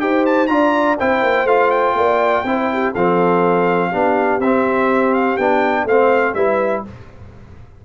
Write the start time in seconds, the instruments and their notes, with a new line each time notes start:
0.00 tuba D#4, trombone G4, horn C5, trumpet G5
0.26 trumpet A5
0.47 tuba D4, trombone F4, horn D5, trumpet A#5
0.99 tuba C4, trombone E4, horn C5, trumpet G5
1.22 tuba A#3
1.44 tuba A3, trombone F4, trumpet F5
1.71 trumpet G5
1.94 tuba A#3, horn D5
2.44 tuba C4, trombone E4, horn C5
2.73 horn G4
2.92 tuba F3, trombone C4, horn A4, trumpet F5
3.90 tuba B3, trombone D4, horn G4
4.39 tuba C4, trombone C4, trumpet E5
5.14 trumpet F5
5.37 tuba B3, trombone D4, trumpet G5
5.85 tuba A3, trombone C4, horn C5, trumpet F5
6.34 tuba G3, trombone E4, horn B4, trumpet E5